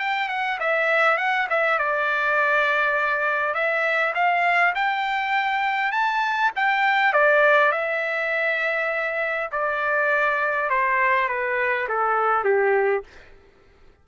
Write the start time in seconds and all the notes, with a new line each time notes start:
0.00 G5
0.29 F#5
0.60 E5
1.18 F#5
1.50 E5
1.79 D5
3.55 E5
4.15 F5
4.76 G5
5.92 A5
6.56 G5
7.13 D5
7.73 E5
9.52 D5
10.70 C5
11.29 B4
11.89 A4
12.45 G4